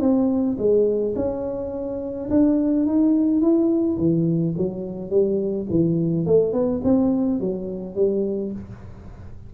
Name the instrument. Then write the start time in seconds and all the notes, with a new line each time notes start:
tuba
0.00 C4
0.58 G#3
1.16 C#4
2.30 D4
2.86 D#4
3.41 E4
3.98 E3
4.57 F#3
5.10 G3
5.70 E3
6.26 A3
6.53 B3
6.84 C4
7.40 F#3
7.95 G3